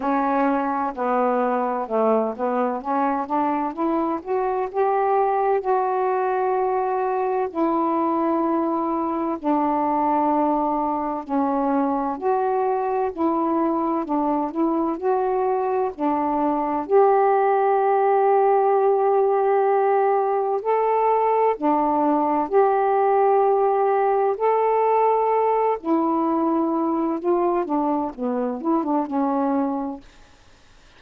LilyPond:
\new Staff \with { instrumentName = "saxophone" } { \time 4/4 \tempo 4 = 64 cis'4 b4 a8 b8 cis'8 d'8 | e'8 fis'8 g'4 fis'2 | e'2 d'2 | cis'4 fis'4 e'4 d'8 e'8 |
fis'4 d'4 g'2~ | g'2 a'4 d'4 | g'2 a'4. e'8~ | e'4 f'8 d'8 b8 e'16 d'16 cis'4 | }